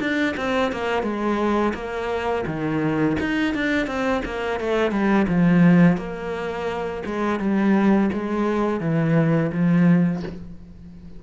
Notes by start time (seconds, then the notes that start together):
0.00 D4
0.37 C4
0.73 A#3
1.03 G#3
1.75 A#3
2.47 D#3
3.21 D#4
3.55 D4
3.87 C4
4.25 A#3
4.60 A3
4.92 G3
5.28 F3
5.98 A#3
7.06 G#3
7.40 G3
8.13 G#3
8.81 E3
9.52 F3